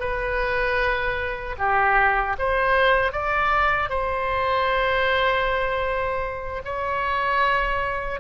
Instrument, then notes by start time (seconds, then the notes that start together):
oboe
0.00 B4
1.58 G4
2.39 C5
3.12 D5
3.90 C5
6.65 C#5